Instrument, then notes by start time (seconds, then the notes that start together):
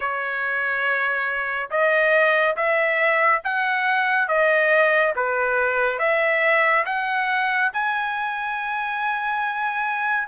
trumpet
0.00 C#5
1.70 D#5
2.56 E5
3.44 F#5
4.27 D#5
5.15 B4
5.98 E5
6.85 F#5
7.73 G#5